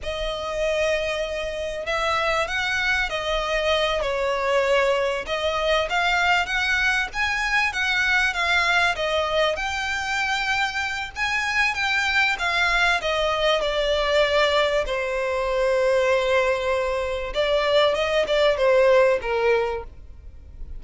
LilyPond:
\new Staff \with { instrumentName = "violin" } { \time 4/4 \tempo 4 = 97 dis''2. e''4 | fis''4 dis''4. cis''4.~ | cis''8 dis''4 f''4 fis''4 gis''8~ | gis''8 fis''4 f''4 dis''4 g''8~ |
g''2 gis''4 g''4 | f''4 dis''4 d''2 | c''1 | d''4 dis''8 d''8 c''4 ais'4 | }